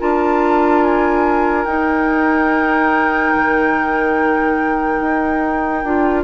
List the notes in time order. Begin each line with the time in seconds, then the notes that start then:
0.00 D4 F4 A#4 A5
0.84 G#5
1.65 D#4 G5
3.35 D#3
5.01 D#4
5.84 D4 F4